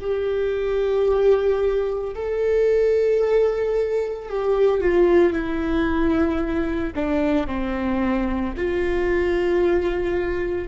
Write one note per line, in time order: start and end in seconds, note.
0.00 2.14 G4
2.15 4.29 A4
4.29 4.81 G4
4.81 5.33 F4
5.33 6.94 E4
6.95 7.47 D4
7.47 8.54 C4
8.57 10.68 F4